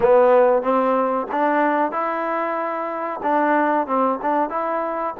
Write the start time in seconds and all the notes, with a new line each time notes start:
0.00 B3
0.62 C4
1.31 D4
1.91 E4
3.23 D4
3.87 C4
4.22 D4
4.49 E4